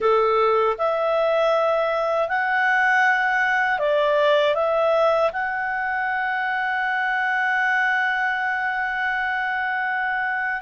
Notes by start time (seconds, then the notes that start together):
0.00 A4
0.78 E5
2.28 F#5
3.78 D5
4.55 E5
5.32 F#5